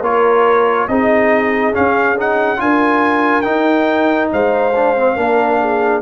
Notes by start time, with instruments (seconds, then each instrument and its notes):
0.00 tuba A#3, trombone F4, horn A#4, trumpet C#5
0.88 tuba C4, trombone D#4, horn G#4, trumpet D#5
1.73 trombone C#4, tuba C#4, trumpet F5
2.16 trombone D#4, trumpet F#5
2.57 tuba D4, trombone F4, horn A#4, trumpet G#5
3.41 trombone D#4, tuba D#4, trumpet G5
4.32 tuba G#3, horn C5, trumpet F5
4.75 trombone D4
4.96 trombone C4
5.16 tuba A#3, trombone D4, horn A#4
5.60 horn G#4